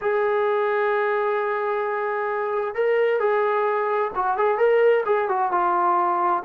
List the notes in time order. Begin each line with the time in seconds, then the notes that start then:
0.01 G#4
2.74 A#4
3.19 G#4
4.15 F#4
4.37 G#4
4.58 A#4
5.05 G#4
5.28 F#4
5.51 F4